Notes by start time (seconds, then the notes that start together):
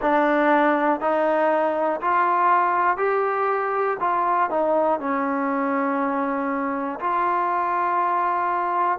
0.01 D4
1.00 D#4
2.00 F4
2.97 G4
4.00 F4
4.50 D#4
5.00 C#4
7.00 F4